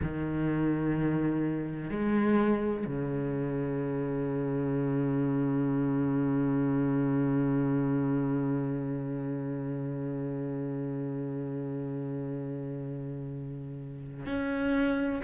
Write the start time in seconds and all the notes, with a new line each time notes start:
0.02 D#3
1.90 G#3
2.86 C#3
14.26 C#4